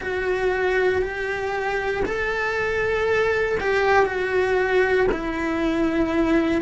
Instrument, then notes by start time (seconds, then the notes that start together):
cello
0.00 F#4
1.02 G4
2.05 A4
3.60 G4
4.05 F#4
5.11 E4